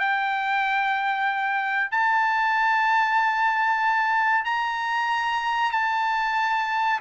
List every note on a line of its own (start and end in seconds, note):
0.00 1.91 G5
1.92 4.45 A5
4.45 5.72 A#5
5.72 7.00 A5